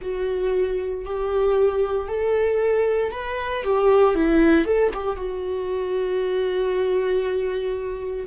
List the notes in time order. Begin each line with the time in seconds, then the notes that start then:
0.01 F#4
1.05 G4
2.08 A4
3.11 B4
3.63 G4
4.14 E4
4.65 A4
4.94 G4
5.16 F#4